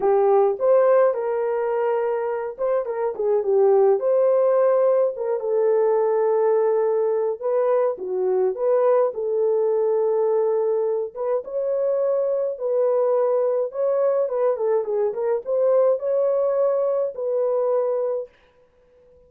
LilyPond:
\new Staff \with { instrumentName = "horn" } { \time 4/4 \tempo 4 = 105 g'4 c''4 ais'2~ | ais'8 c''8 ais'8 gis'8 g'4 c''4~ | c''4 ais'8 a'2~ a'8~ | a'4 b'4 fis'4 b'4 |
a'2.~ a'8 b'8 | cis''2 b'2 | cis''4 b'8 a'8 gis'8 ais'8 c''4 | cis''2 b'2 | }